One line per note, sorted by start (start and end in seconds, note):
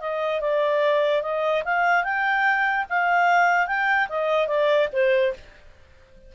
0.00 0.40 D#5
0.40 1.22 D5
1.22 1.63 D#5
1.64 2.04 F5
2.04 2.85 G5
2.89 3.67 F5
3.67 4.08 G5
4.09 4.47 D#5
4.47 4.88 D5
4.92 5.33 C5